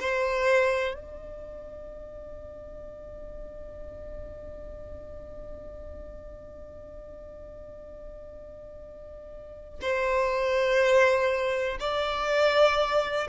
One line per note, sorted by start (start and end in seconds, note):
0.00 0.95 C5
0.95 9.80 D5
9.82 11.79 C5
11.80 13.28 D5